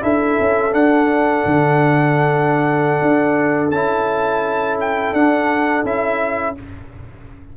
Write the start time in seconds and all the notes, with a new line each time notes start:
0.00 D4 E4 A4 E5
0.40 C#4
0.71 D4 F#5
1.45 D3
3.01 D4
3.70 C#4 E4 A5
4.80 G5
5.12 D4 F#5
5.84 C#4 E4 E5